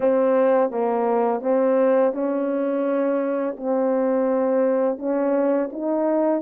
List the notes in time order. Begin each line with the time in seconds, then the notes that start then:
0.00 C4
0.70 A#3
1.41 C4
2.13 C#4
3.56 C4
4.98 C#4
5.72 D#4